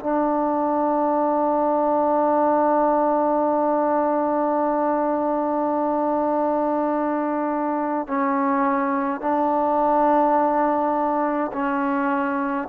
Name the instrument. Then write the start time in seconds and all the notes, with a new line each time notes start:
trombone
0.00 D4
8.07 C#4
9.20 D4
11.53 C#4